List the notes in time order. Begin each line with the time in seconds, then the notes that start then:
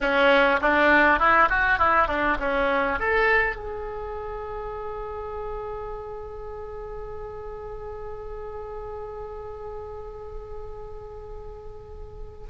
0.00 C#4
0.61 D4
1.19 E4
1.49 F#4
1.78 E4
2.07 D4
2.39 C#4
2.99 A4
3.55 G#4